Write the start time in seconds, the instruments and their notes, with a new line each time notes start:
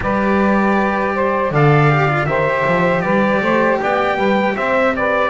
0.00 double bass G3, cello G4, saxophone B4, trumpet D5
1.14 saxophone C5
1.50 double bass D3, cello A4, saxophone D5, trumpet F5
1.90 cello G4
2.08 cello F4
2.26 double bass D#3, cello G4, saxophone C5, trumpet E5
2.66 double bass F3
3.01 double bass G3, saxophone B4, trumpet D5
3.41 double bass A3, saxophone C5
3.81 double bass B3, saxophone D5, trumpet G5
4.16 double bass G3, saxophone B4
4.56 double bass C4, saxophone C5, trumpet E5
4.95 saxophone B4, trumpet D5